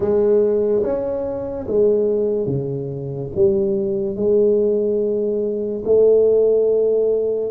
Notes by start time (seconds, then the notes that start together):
0.00 G#3
0.83 C#4
1.67 G#3
2.46 C#3
3.35 G3
4.16 G#3
5.84 A3